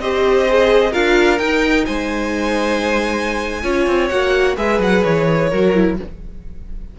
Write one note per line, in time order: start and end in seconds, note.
0.00 0.94 C4
0.00 0.49 G4
0.00 0.92 C5
0.00 0.94 D#5
0.49 0.93 G#4
0.92 1.40 D4
0.92 1.40 F4
0.92 1.85 A#4
0.92 1.39 F5
1.39 1.87 D#4
1.39 3.63 D#4
1.39 1.86 G5
1.86 3.64 G#3
1.86 3.62 C5
1.86 4.09 G#5
3.63 3.87 C#4
3.63 4.10 F4
3.63 4.56 C#5
3.87 4.11 C4
4.09 4.58 A#3
4.09 4.57 F#4
4.09 4.56 F#5
4.57 4.79 G#3
4.57 5.51 G#4
4.57 5.50 B4
4.57 4.81 E5
4.79 5.03 F#3
4.79 5.04 F#5
5.04 5.53 E3
5.04 5.98 C#5
5.50 5.99 F#3
5.50 5.75 F#4
5.50 5.97 A#4
5.75 5.98 E4